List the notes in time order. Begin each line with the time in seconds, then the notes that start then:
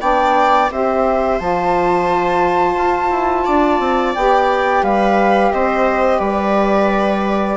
0.00 B3 D4 D5 G5
0.71 C4 G4 C5 E5
1.39 F3 F4 A5
2.76 F4
3.10 E4
3.45 D4 D5
3.80 C4
4.15 B3 G4 G5
4.82 G3 B4 F5
5.52 C4 C5 D#5
6.19 G3 B4 D5